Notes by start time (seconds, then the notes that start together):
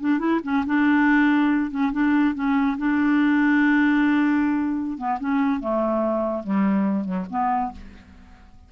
0.00 D4
0.19 E4
0.43 C#4
0.66 D4
1.70 C#4
1.92 D4
2.34 C#4
2.77 D4
4.97 B3
5.19 C#4
5.60 A3
6.43 G3
7.04 F#3
7.29 B3